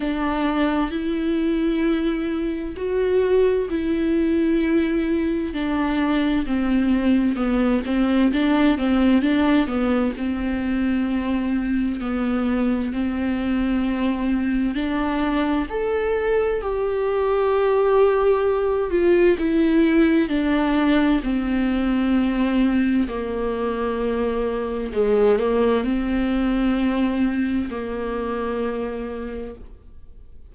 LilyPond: \new Staff \with { instrumentName = "viola" } { \time 4/4 \tempo 4 = 65 d'4 e'2 fis'4 | e'2 d'4 c'4 | b8 c'8 d'8 c'8 d'8 b8 c'4~ | c'4 b4 c'2 |
d'4 a'4 g'2~ | g'8 f'8 e'4 d'4 c'4~ | c'4 ais2 gis8 ais8 | c'2 ais2 | }